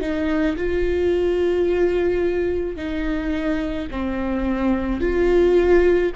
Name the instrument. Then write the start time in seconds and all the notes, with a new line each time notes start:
viola
0.00 D#4
0.57 F4
2.76 D#4
3.90 C4
5.01 F4